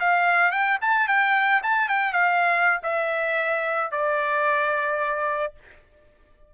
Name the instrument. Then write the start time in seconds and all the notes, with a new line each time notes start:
trumpet
0.00 F5
0.52 G5
0.82 A5
1.08 G5
1.63 A5
1.89 G5
2.13 F5
2.83 E5
3.91 D5